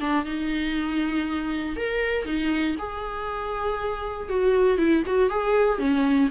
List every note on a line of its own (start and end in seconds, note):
0.00 0.25 D4
0.25 1.76 D#4
1.76 2.25 A#4
2.25 2.76 D#4
2.78 4.29 G#4
4.29 4.78 F#4
4.78 5.03 E4
5.06 5.30 F#4
5.30 5.78 G#4
5.78 6.29 C#4